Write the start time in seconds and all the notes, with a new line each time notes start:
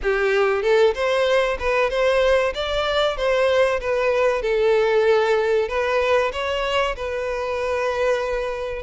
0.02 G4
0.62 A4
0.94 C5
1.59 B4
1.89 C5
2.54 D5
3.17 C5
3.80 B4
4.42 A4
5.68 B4
6.32 C#5
6.96 B4